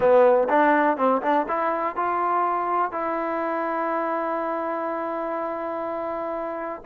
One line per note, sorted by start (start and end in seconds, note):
0.00 0.48 B3
0.48 0.97 D4
0.97 1.21 C4
1.22 1.46 D4
1.48 1.95 E4
1.95 2.91 F4
2.91 6.81 E4